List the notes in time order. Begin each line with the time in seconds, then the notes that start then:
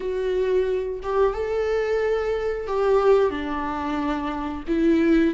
0.00 F#4
1.02 G4
1.33 A4
2.67 G4
3.30 D4
4.67 E4